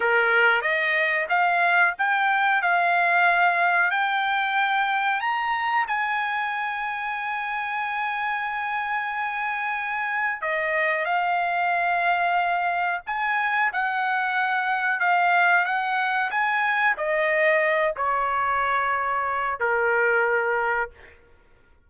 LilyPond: \new Staff \with { instrumentName = "trumpet" } { \time 4/4 \tempo 4 = 92 ais'4 dis''4 f''4 g''4 | f''2 g''2 | ais''4 gis''2.~ | gis''1 |
dis''4 f''2. | gis''4 fis''2 f''4 | fis''4 gis''4 dis''4. cis''8~ | cis''2 ais'2 | }